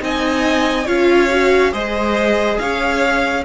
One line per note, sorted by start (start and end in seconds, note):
0.00 0.88 C4
0.00 0.86 D#4
0.00 0.86 D#5
0.00 0.88 G#5
0.86 1.73 C#4
0.86 1.29 F4
0.86 1.72 C#5
0.86 1.74 F5
1.30 1.72 F#4
1.72 2.59 G#3
1.72 3.44 G#4
1.72 2.59 C5
1.72 2.59 D#5
2.59 3.45 C#4
2.59 3.45 C#5
2.59 3.45 F5